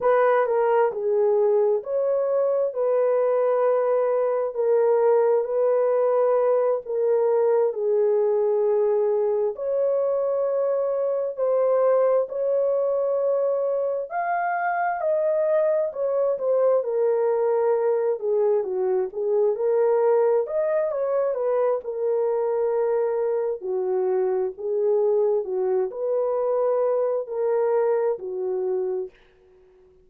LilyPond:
\new Staff \with { instrumentName = "horn" } { \time 4/4 \tempo 4 = 66 b'8 ais'8 gis'4 cis''4 b'4~ | b'4 ais'4 b'4. ais'8~ | ais'8 gis'2 cis''4.~ | cis''8 c''4 cis''2 f''8~ |
f''8 dis''4 cis''8 c''8 ais'4. | gis'8 fis'8 gis'8 ais'4 dis''8 cis''8 b'8 | ais'2 fis'4 gis'4 | fis'8 b'4. ais'4 fis'4 | }